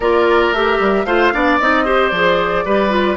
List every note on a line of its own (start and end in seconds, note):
0.00 0.52 A#3
0.00 0.54 F4
0.00 1.05 A#4
0.00 0.53 D5
0.52 0.78 A3
0.52 1.06 G4
0.52 1.05 E5
0.79 1.05 G3
1.05 1.32 A3
1.05 1.33 F4
1.05 1.33 C5
1.05 1.58 F5
1.33 1.60 B3
1.33 1.59 D4
1.33 1.84 D5
1.59 2.11 C4
1.59 1.85 D#4
1.59 2.08 D#5
1.84 2.11 G4
1.84 2.64 C5
2.08 2.64 F3
2.08 2.65 G#4
2.08 3.15 D5
2.65 3.17 G3
2.65 2.89 G4
2.65 3.17 B4
2.89 3.16 F4